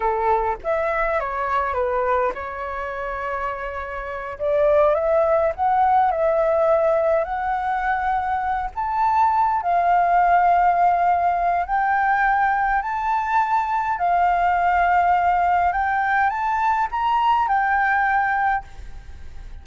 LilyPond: \new Staff \with { instrumentName = "flute" } { \time 4/4 \tempo 4 = 103 a'4 e''4 cis''4 b'4 | cis''2.~ cis''8 d''8~ | d''8 e''4 fis''4 e''4.~ | e''8 fis''2~ fis''8 a''4~ |
a''8 f''2.~ f''8 | g''2 a''2 | f''2. g''4 | a''4 ais''4 g''2 | }